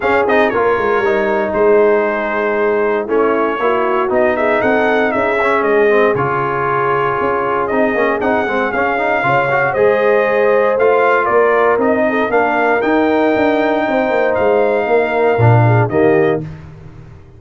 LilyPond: <<
  \new Staff \with { instrumentName = "trumpet" } { \time 4/4 \tempo 4 = 117 f''8 dis''8 cis''2 c''4~ | c''2 cis''2 | dis''8 e''8 fis''4 e''4 dis''4 | cis''2. dis''4 |
fis''4 f''2 dis''4~ | dis''4 f''4 d''4 dis''4 | f''4 g''2. | f''2. dis''4 | }
  \new Staff \with { instrumentName = "horn" } { \time 4/4 gis'4 ais'2 gis'4~ | gis'2 e'4 fis'4~ | fis'8 gis'8 a'4 gis'2~ | gis'1~ |
gis'2 cis''4 c''4~ | c''2 ais'4. a'8 | ais'2. c''4~ | c''4 ais'4. gis'8 g'4 | }
  \new Staff \with { instrumentName = "trombone" } { \time 4/4 cis'8 dis'8 f'4 dis'2~ | dis'2 cis'4 e'4 | dis'2~ dis'8 cis'4 c'8 | f'2. dis'8 cis'8 |
dis'8 c'8 cis'8 dis'8 f'8 fis'8 gis'4~ | gis'4 f'2 dis'4 | d'4 dis'2.~ | dis'2 d'4 ais4 | }
  \new Staff \with { instrumentName = "tuba" } { \time 4/4 cis'8 c'8 ais8 gis8 g4 gis4~ | gis2 a4 ais4 | b4 c'4 cis'4 gis4 | cis2 cis'4 c'8 ais8 |
c'8 gis8 cis'4 cis4 gis4~ | gis4 a4 ais4 c'4 | ais4 dis'4 d'4 c'8 ais8 | gis4 ais4 ais,4 dis4 | }
>>